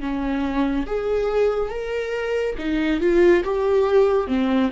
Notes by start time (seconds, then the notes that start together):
0.00 C#4
0.86 G#4
1.69 A#4
2.58 D#4
3.00 F4
3.44 G4
4.27 C4